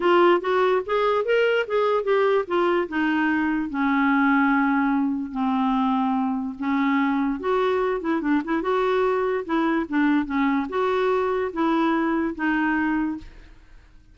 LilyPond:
\new Staff \with { instrumentName = "clarinet" } { \time 4/4 \tempo 4 = 146 f'4 fis'4 gis'4 ais'4 | gis'4 g'4 f'4 dis'4~ | dis'4 cis'2.~ | cis'4 c'2. |
cis'2 fis'4. e'8 | d'8 e'8 fis'2 e'4 | d'4 cis'4 fis'2 | e'2 dis'2 | }